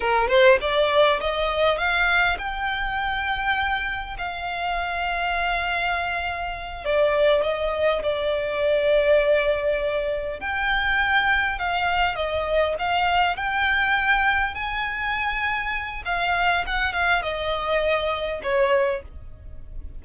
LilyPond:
\new Staff \with { instrumentName = "violin" } { \time 4/4 \tempo 4 = 101 ais'8 c''8 d''4 dis''4 f''4 | g''2. f''4~ | f''2.~ f''8 d''8~ | d''8 dis''4 d''2~ d''8~ |
d''4. g''2 f''8~ | f''8 dis''4 f''4 g''4.~ | g''8 gis''2~ gis''8 f''4 | fis''8 f''8 dis''2 cis''4 | }